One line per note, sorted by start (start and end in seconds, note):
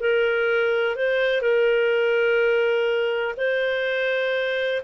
0.00 0.96 A#4
0.96 1.41 C5
1.41 3.35 A#4
3.37 4.82 C5